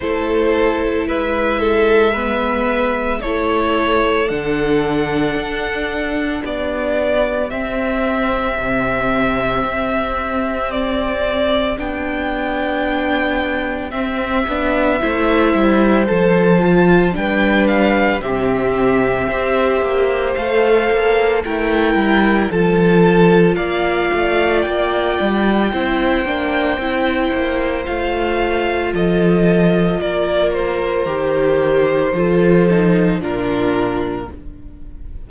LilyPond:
<<
  \new Staff \with { instrumentName = "violin" } { \time 4/4 \tempo 4 = 56 c''4 e''2 cis''4 | fis''2 d''4 e''4~ | e''2 d''4 g''4~ | g''4 e''2 a''4 |
g''8 f''8 e''2 f''4 | g''4 a''4 f''4 g''4~ | g''2 f''4 dis''4 | d''8 c''2~ c''8 ais'4 | }
  \new Staff \with { instrumentName = "violin" } { \time 4/4 a'4 b'8 a'8 b'4 a'4~ | a'2 g'2~ | g'1~ | g'2 c''2 |
b'4 g'4 c''2 | ais'4 a'4 d''2 | c''2. a'4 | ais'2 a'4 f'4 | }
  \new Staff \with { instrumentName = "viola" } { \time 4/4 e'2 b4 e'4 | d'2. c'4~ | c'2. d'4~ | d'4 c'8 d'8 e'4 a'8 f'8 |
d'4 c'4 g'4 a'4 | e'4 f'2. | e'8 d'8 e'4 f'2~ | f'4 g'4 f'8 dis'8 d'4 | }
  \new Staff \with { instrumentName = "cello" } { \time 4/4 a4 gis2 a4 | d4 d'4 b4 c'4 | c4 c'2 b4~ | b4 c'8 b8 a8 g8 f4 |
g4 c4 c'8 ais8 a8 ais8 | a8 g8 f4 ais8 a8 ais8 g8 | c'8 ais8 c'8 ais8 a4 f4 | ais4 dis4 f4 ais,4 | }
>>